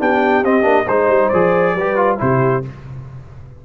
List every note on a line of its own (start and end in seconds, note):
0.00 0.44 B3
0.00 0.44 D4
0.00 0.86 G4
0.00 0.45 G5
0.44 0.64 C4
0.44 0.62 C4
0.44 0.89 D#5
0.62 0.86 A#3
0.62 0.84 D4
0.86 1.08 G#3
0.86 1.33 D#4
0.86 1.75 C5
0.86 1.29 C5
1.08 1.30 G3
1.29 1.75 F3
1.29 1.78 G#4
1.29 2.17 D5
1.75 2.19 G3
1.75 1.96 G4
1.75 2.19 B4
1.96 2.18 F4
2.18 2.66 C3
2.18 2.62 E4
2.18 2.65 G4
2.18 2.65 C5